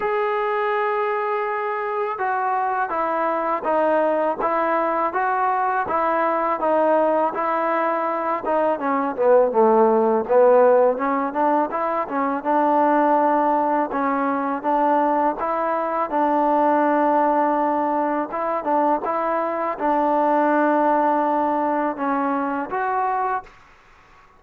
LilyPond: \new Staff \with { instrumentName = "trombone" } { \time 4/4 \tempo 4 = 82 gis'2. fis'4 | e'4 dis'4 e'4 fis'4 | e'4 dis'4 e'4. dis'8 | cis'8 b8 a4 b4 cis'8 d'8 |
e'8 cis'8 d'2 cis'4 | d'4 e'4 d'2~ | d'4 e'8 d'8 e'4 d'4~ | d'2 cis'4 fis'4 | }